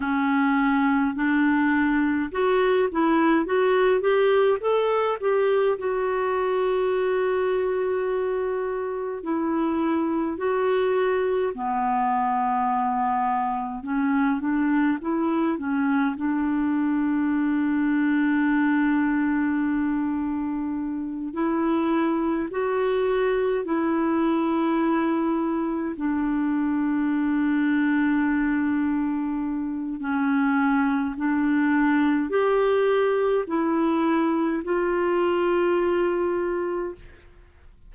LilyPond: \new Staff \with { instrumentName = "clarinet" } { \time 4/4 \tempo 4 = 52 cis'4 d'4 fis'8 e'8 fis'8 g'8 | a'8 g'8 fis'2. | e'4 fis'4 b2 | cis'8 d'8 e'8 cis'8 d'2~ |
d'2~ d'8 e'4 fis'8~ | fis'8 e'2 d'4.~ | d'2 cis'4 d'4 | g'4 e'4 f'2 | }